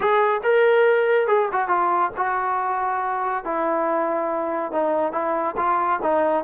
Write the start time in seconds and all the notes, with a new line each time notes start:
0.00 G#4
0.43 A#4
1.27 G#4
1.52 F#4
1.68 F4
2.16 F#4
3.44 E4
4.72 D#4
5.12 E4
5.56 F4
6.02 D#4